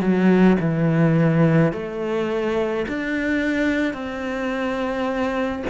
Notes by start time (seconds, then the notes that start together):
0.00 F#3
0.60 E3
1.72 A3
2.88 D4
3.93 C4